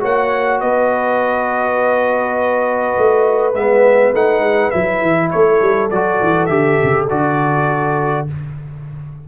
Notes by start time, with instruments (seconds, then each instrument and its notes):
0.00 tuba A#3, trombone F#4, horn C#5, trumpet F#5
0.60 tuba B3, horn B4, trumpet D#5
2.97 tuba A3
3.54 tuba G#3, trombone B3, trumpet E5
4.13 tuba A3, trombone D#4, trumpet F#5
4.39 tuba G#3
4.70 tuba F#3, trombone E4, trumpet E5
5.01 tuba E3
5.30 tuba A3, horn A4, trumpet C#5
5.61 tuba G3
5.90 tuba F#3, trombone F#4, trumpet D5
6.21 tuba E3
6.45 tuba D3, trombone G4, trumpet E5
6.83 tuba C#3
7.09 tuba D3, trombone F#4, trumpet D5